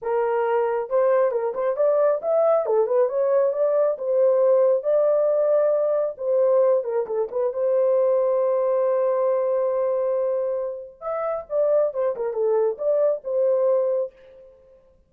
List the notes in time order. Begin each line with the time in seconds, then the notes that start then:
0.02 A#4
0.89 C5
1.31 A#4
1.54 C5
1.76 D5
2.22 E5
2.66 A4
2.87 B4
3.08 C#5
3.53 D5
3.98 C5
4.83 D5
6.17 C5
6.84 A#4
7.06 A4
7.31 B4
7.53 C5
11.01 E5
11.49 D5
11.93 C5
12.15 A#4
12.33 A4
12.77 D5
13.24 C5